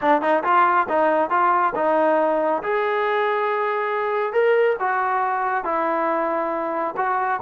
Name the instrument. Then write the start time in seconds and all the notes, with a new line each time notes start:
trombone
0.01 D4
0.21 D#4
0.43 F4
0.89 D#4
1.30 F4
1.75 D#4
2.62 G#4
4.32 A#4
4.79 F#4
5.64 E4
6.97 F#4